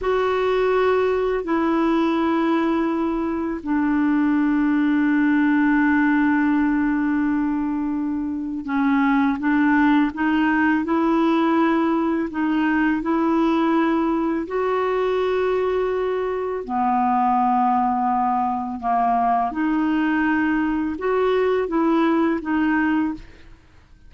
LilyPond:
\new Staff \with { instrumentName = "clarinet" } { \time 4/4 \tempo 4 = 83 fis'2 e'2~ | e'4 d'2.~ | d'1 | cis'4 d'4 dis'4 e'4~ |
e'4 dis'4 e'2 | fis'2. b4~ | b2 ais4 dis'4~ | dis'4 fis'4 e'4 dis'4 | }